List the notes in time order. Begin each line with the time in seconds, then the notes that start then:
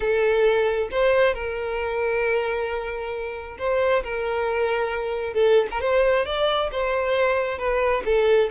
0.00 A4
0.91 C5
1.34 A#4
3.58 C5
4.03 A#4
5.33 A4
5.70 A#4
5.81 C5
6.25 D5
6.71 C5
7.58 B4
8.05 A4